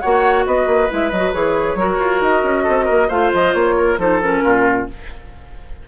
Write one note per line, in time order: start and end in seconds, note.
0.00 0.47 A#3
0.00 0.89 F#4
0.00 0.46 C#5
0.00 0.44 F#5
0.47 0.66 B3
0.47 1.79 B4
0.47 0.91 D#5
0.66 0.89 A#3
0.89 1.12 G#3
0.89 1.11 E4
0.89 1.11 E5
1.11 1.34 F#3
1.11 1.34 F#4
1.11 1.33 D#5
1.34 1.75 E3
1.34 1.78 G#4
1.34 2.22 C#5
1.75 1.97 F#3
1.75 3.10 F#4
1.75 2.64 A#4
2.00 2.21 F4
2.21 2.43 D#4
2.21 3.10 D#5
2.44 2.66 C#4
2.64 2.90 C4
2.64 2.85 A4
2.85 3.10 A#3
2.85 3.07 A#4
3.08 3.32 A3
3.08 3.99 F4
3.08 3.75 C5
3.08 3.32 F5
3.34 3.54 F3
3.34 3.54 D#5
3.54 3.98 A#3
3.54 3.98 C#5
3.78 4.00 A#4
3.98 4.42 F3
3.98 4.21 D#4
3.98 4.44 A4
3.98 4.22 C5
4.22 4.88 C#4
4.22 4.89 A#4
4.44 4.88 A#2
4.44 4.88 F4